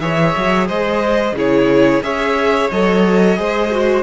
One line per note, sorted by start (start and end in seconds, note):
0.00 0.34 E3
0.00 1.36 G#4
0.00 0.68 C#5
0.00 0.67 E5
0.37 0.70 F#3
0.68 1.33 G#3
0.68 1.35 C5
0.68 1.36 D#5
1.33 2.00 C#3
1.33 2.03 E4
1.33 2.04 G#4
1.39 2.03 C#5
2.03 2.70 C#4
2.03 2.70 G#4
2.03 3.38 C#5
2.03 2.70 E5
2.71 3.39 F#3
2.71 3.36 A4
2.71 4.03 D#5
3.36 4.03 G#3
3.36 3.70 G#4
3.36 4.03 C5
3.71 4.03 F#4